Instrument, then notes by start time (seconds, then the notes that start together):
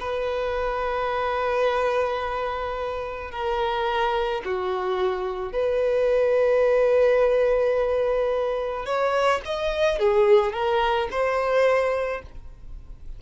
violin
0.00 B4
3.31 A#4
4.44 F#4
5.52 B4
8.85 C#5
9.45 D#5
9.98 G#4
10.53 A#4
11.11 C5